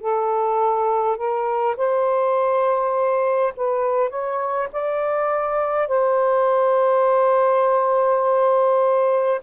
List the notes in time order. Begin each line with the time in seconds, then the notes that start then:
0.00 A4
1.17 A#4
1.76 C5
3.56 B4
4.09 C#5
4.72 D5
5.88 C5